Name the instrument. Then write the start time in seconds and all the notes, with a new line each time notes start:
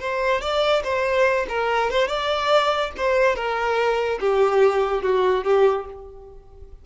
violin
0.00 C5
0.41 D5
0.84 C5
1.49 A#4
1.91 C5
2.08 D5
2.97 C5
3.36 A#4
4.20 G4
5.02 F#4
5.44 G4